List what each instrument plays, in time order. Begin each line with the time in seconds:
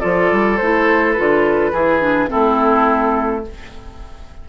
0.00 bassoon F3, clarinet F4, oboe A4, flute D5
0.32 bassoon G3
0.57 bassoon A3, clarinet E4, flute C5
1.12 clarinet F4, flute B4
1.19 bassoon D3
1.72 bassoon E3, clarinet E4, oboe G#4
2.01 clarinet D4
2.28 clarinet C4, oboe E4, flute A4
2.34 bassoon A3